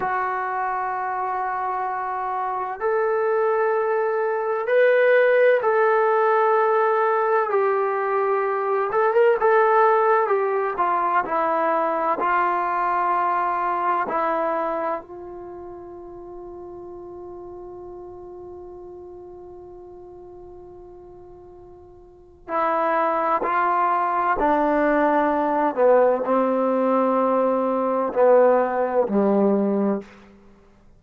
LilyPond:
\new Staff \with { instrumentName = "trombone" } { \time 4/4 \tempo 4 = 64 fis'2. a'4~ | a'4 b'4 a'2 | g'4. a'16 ais'16 a'4 g'8 f'8 | e'4 f'2 e'4 |
f'1~ | f'1 | e'4 f'4 d'4. b8 | c'2 b4 g4 | }